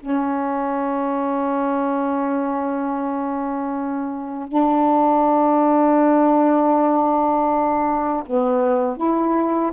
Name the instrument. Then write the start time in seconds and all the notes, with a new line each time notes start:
saxophone
0.00 C#4
4.49 D4
8.26 B3
8.97 E4